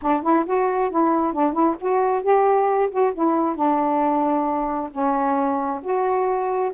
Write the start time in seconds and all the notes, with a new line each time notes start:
0.02 D4
0.22 E4
0.46 F#4
0.90 E4
1.33 D4
1.53 E4
1.80 F#4
2.22 G4
2.90 F#4
3.14 E4
3.55 D4
4.91 C#4
5.82 F#4